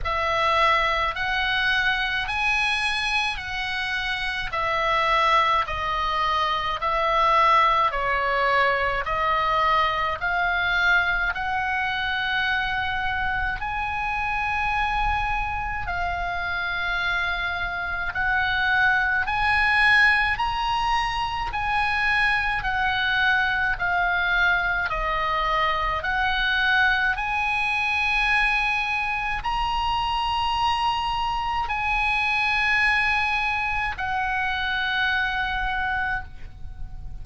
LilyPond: \new Staff \with { instrumentName = "oboe" } { \time 4/4 \tempo 4 = 53 e''4 fis''4 gis''4 fis''4 | e''4 dis''4 e''4 cis''4 | dis''4 f''4 fis''2 | gis''2 f''2 |
fis''4 gis''4 ais''4 gis''4 | fis''4 f''4 dis''4 fis''4 | gis''2 ais''2 | gis''2 fis''2 | }